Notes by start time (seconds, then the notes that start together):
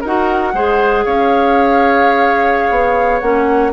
0.00 D#4 F#4 A#4 F#5
0.53 G#3 G#4 C5
1.04 C#4 C#5 F5
2.70 B3
3.20 A#3 C#4 F#5